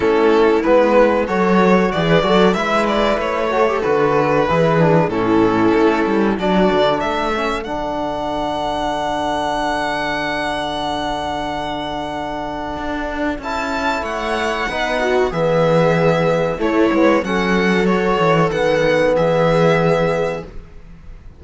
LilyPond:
<<
  \new Staff \with { instrumentName = "violin" } { \time 4/4 \tempo 4 = 94 a'4 b'4 cis''4 d''4 | e''8 d''8 cis''4 b'2 | a'2 d''4 e''4 | fis''1~ |
fis''1~ | fis''4 a''4 fis''2 | e''2 cis''4 fis''4 | cis''4 fis''4 e''2 | }
  \new Staff \with { instrumentName = "viola" } { \time 4/4 e'2 a'4 gis'8 a'8 | b'4. a'4. gis'4 | e'2 fis'4 a'4~ | a'1~ |
a'1~ | a'2 cis''4 b'8 fis'8 | gis'2 e'4 a'4~ | a'2 gis'2 | }
  \new Staff \with { instrumentName = "trombone" } { \time 4/4 cis'4 b4 fis'4~ fis'16 b'16 fis'8 | e'4. fis'16 g'16 fis'4 e'8 d'8 | cis'2 d'4. cis'8 | d'1~ |
d'1~ | d'4 e'2 dis'4 | b2 a8 b8 cis'4 | fis'4 b2. | }
  \new Staff \with { instrumentName = "cello" } { \time 4/4 a4 gis4 fis4 e8 fis8 | gis4 a4 d4 e4 | a,4 a8 g8 fis8 d8 a4 | d1~ |
d1 | d'4 cis'4 a4 b4 | e2 a8 gis8 fis4~ | fis8 e8 dis4 e2 | }
>>